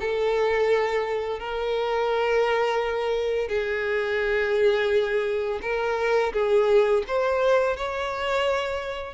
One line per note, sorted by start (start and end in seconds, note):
0.00 1.39 A4
1.39 3.48 A#4
3.48 5.60 G#4
5.61 6.32 A#4
6.32 7.03 G#4
7.07 7.76 C5
7.76 9.13 C#5